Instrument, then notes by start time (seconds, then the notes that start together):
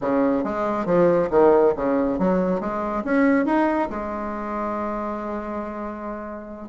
bassoon
0.01 C#3
0.44 G#3
0.85 F3
1.30 D#3
1.76 C#3
2.18 F#3
2.60 G#3
3.04 C#4
3.45 D#4
3.90 G#3